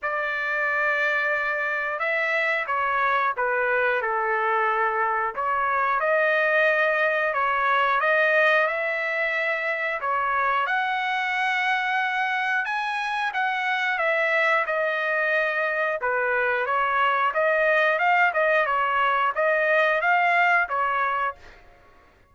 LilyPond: \new Staff \with { instrumentName = "trumpet" } { \time 4/4 \tempo 4 = 90 d''2. e''4 | cis''4 b'4 a'2 | cis''4 dis''2 cis''4 | dis''4 e''2 cis''4 |
fis''2. gis''4 | fis''4 e''4 dis''2 | b'4 cis''4 dis''4 f''8 dis''8 | cis''4 dis''4 f''4 cis''4 | }